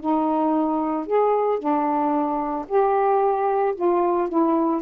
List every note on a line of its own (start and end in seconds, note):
0.00 1.06 D#4
1.06 1.59 G#4
1.59 2.66 D4
2.68 3.75 G4
3.75 4.29 F4
4.29 4.82 E4